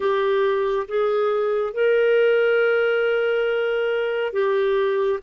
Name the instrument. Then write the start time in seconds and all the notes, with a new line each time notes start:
clarinet
0.00 G4
0.88 G#4
1.73 A#4
4.32 G4